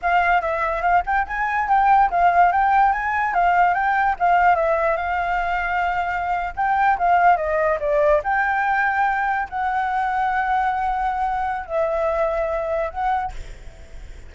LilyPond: \new Staff \with { instrumentName = "flute" } { \time 4/4 \tempo 4 = 144 f''4 e''4 f''8 g''8 gis''4 | g''4 f''4 g''4 gis''4 | f''4 g''4 f''4 e''4 | f''2.~ f''8. g''16~ |
g''8. f''4 dis''4 d''4 g''16~ | g''2~ g''8. fis''4~ fis''16~ | fis''1 | e''2. fis''4 | }